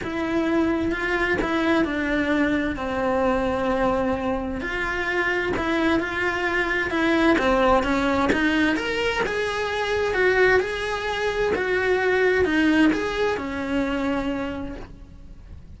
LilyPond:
\new Staff \with { instrumentName = "cello" } { \time 4/4 \tempo 4 = 130 e'2 f'4 e'4 | d'2 c'2~ | c'2 f'2 | e'4 f'2 e'4 |
c'4 cis'4 dis'4 ais'4 | gis'2 fis'4 gis'4~ | gis'4 fis'2 dis'4 | gis'4 cis'2. | }